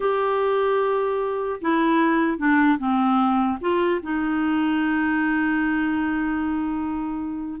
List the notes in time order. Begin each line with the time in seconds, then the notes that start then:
0.00 G4
1.61 E4
2.38 D4
2.78 C4
3.61 F4
4.02 D#4